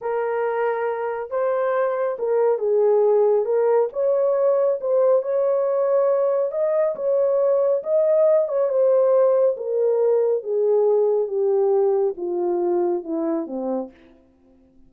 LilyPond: \new Staff \with { instrumentName = "horn" } { \time 4/4 \tempo 4 = 138 ais'2. c''4~ | c''4 ais'4 gis'2 | ais'4 cis''2 c''4 | cis''2. dis''4 |
cis''2 dis''4. cis''8 | c''2 ais'2 | gis'2 g'2 | f'2 e'4 c'4 | }